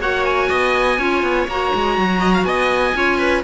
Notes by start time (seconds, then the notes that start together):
0.00 A#3 F#4 C#5 F#5
0.25 G#5
0.50 B3 D#5
0.99 C#4 F4 C#5
1.23 B3
1.48 A#3 F#4 A#5
1.75 G#3
1.98 F#3
2.21 D#5
2.34 F5
2.44 B3 D#5 G#5
2.94 C#4 F4 C#5
3.19 B4